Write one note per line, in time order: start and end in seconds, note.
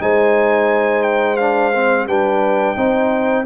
0.00 2.07 G#3
0.00 1.38 D#4
0.00 2.08 C5
0.00 1.03 G#5
1.03 1.37 G5
1.37 1.73 D4
1.37 2.06 F5
1.75 2.08 C4
2.07 2.76 G3
2.07 2.76 D4
2.07 2.77 B4
2.07 3.46 G5
2.76 3.46 C4
2.76 3.45 D#4
2.76 3.46 C5